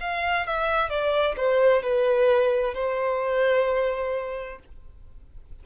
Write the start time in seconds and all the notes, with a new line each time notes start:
0.00 F5
0.47 E5
0.89 D5
1.36 C5
1.83 B4
2.74 C5